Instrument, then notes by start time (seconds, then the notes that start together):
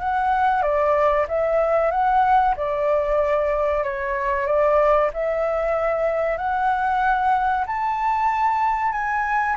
flute
0.00 F#5
0.62 D5
1.29 E5
1.91 F#5
2.57 D5
3.84 C#5
4.47 D5
5.14 E5
6.37 F#5
7.67 A5
8.92 G#5